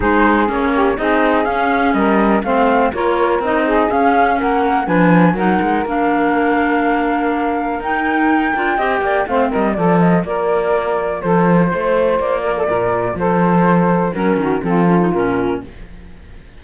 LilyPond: <<
  \new Staff \with { instrumentName = "flute" } { \time 4/4 \tempo 4 = 123 c''4 cis''4 dis''4 f''4 | dis''4 f''4 cis''4 dis''4 | f''4 fis''4 gis''4 fis''4 | f''1 |
g''2. f''8 dis''8 | d''8 dis''8 d''2 c''4~ | c''4 d''2 c''4~ | c''4 ais'4 a'4 ais'4 | }
  \new Staff \with { instrumentName = "saxophone" } { \time 4/4 gis'4. g'8 gis'2 | ais'4 c''4 ais'4. gis'8~ | gis'4 ais'4 b'4 ais'4~ | ais'1~ |
ais'2 dis''8 d''8 c''8 ais'8 | a'4 ais'2 a'4 | c''4. ais'16 a'16 ais'4 a'4~ | a'4 ais'8 fis'8 f'2 | }
  \new Staff \with { instrumentName = "clarinet" } { \time 4/4 dis'4 cis'4 dis'4 cis'4~ | cis'4 c'4 f'4 dis'4 | cis'2 d'4 dis'4 | d'1 |
dis'4. f'8 g'4 c'4 | f'1~ | f'1~ | f'4 cis'4 c'8 cis'16 dis'16 cis'4 | }
  \new Staff \with { instrumentName = "cello" } { \time 4/4 gis4 ais4 c'4 cis'4 | g4 a4 ais4 c'4 | cis'4 ais4 f4 fis8 gis8 | ais1 |
dis'4. d'8 c'8 ais8 a8 g8 | f4 ais2 f4 | a4 ais4 ais,4 f4~ | f4 fis8 dis8 f4 ais,4 | }
>>